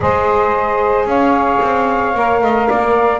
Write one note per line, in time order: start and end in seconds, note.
0.00 1.05 G#3
0.00 2.14 G#4
0.00 1.08 C5
0.00 1.06 D#5
1.05 1.59 C#4
1.05 2.42 C#5
1.05 3.19 F5
1.61 2.15 C4
2.15 2.41 A#3
2.15 3.19 A#4
2.41 2.68 A3
2.41 2.68 D#5
2.68 3.19 A#3
2.68 3.19 D5